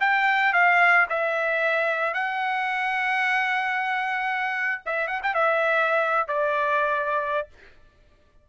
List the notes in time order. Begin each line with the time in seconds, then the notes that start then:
0.00 G5
0.53 F5
1.09 E5
2.14 F#5
4.86 E5
5.07 F#5
5.23 G5
5.34 E5
6.28 D5